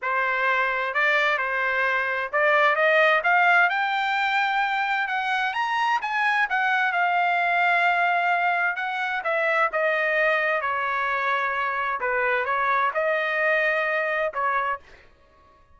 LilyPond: \new Staff \with { instrumentName = "trumpet" } { \time 4/4 \tempo 4 = 130 c''2 d''4 c''4~ | c''4 d''4 dis''4 f''4 | g''2. fis''4 | ais''4 gis''4 fis''4 f''4~ |
f''2. fis''4 | e''4 dis''2 cis''4~ | cis''2 b'4 cis''4 | dis''2. cis''4 | }